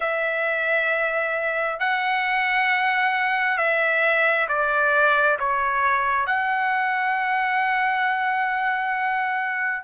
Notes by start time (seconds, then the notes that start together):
0.00 E5
1.79 F#5
3.57 E5
4.48 D5
5.39 C#5
6.26 F#5